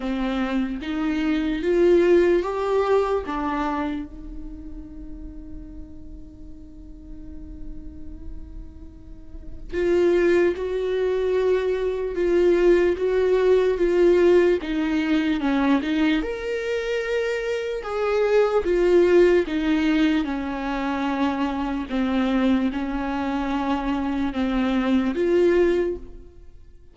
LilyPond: \new Staff \with { instrumentName = "viola" } { \time 4/4 \tempo 4 = 74 c'4 dis'4 f'4 g'4 | d'4 dis'2.~ | dis'1 | f'4 fis'2 f'4 |
fis'4 f'4 dis'4 cis'8 dis'8 | ais'2 gis'4 f'4 | dis'4 cis'2 c'4 | cis'2 c'4 f'4 | }